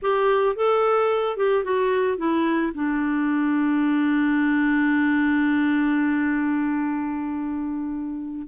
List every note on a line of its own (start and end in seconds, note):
0.01 0.55 G4
0.55 1.36 A4
1.36 1.64 G4
1.64 2.17 F#4
2.17 2.72 E4
2.74 8.47 D4